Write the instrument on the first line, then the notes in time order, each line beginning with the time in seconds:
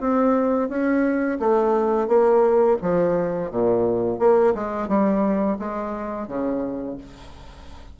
bassoon
0.00 C4
0.68 C#4
1.39 A3
2.07 A#3
2.82 F3
3.51 A#2
4.19 A#3
4.54 G#3
4.88 G3
5.59 G#3
6.28 C#3